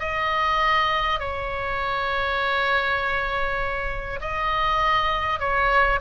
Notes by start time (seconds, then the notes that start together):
0.00 D#5
1.20 C#5
4.21 D#5
5.40 C#5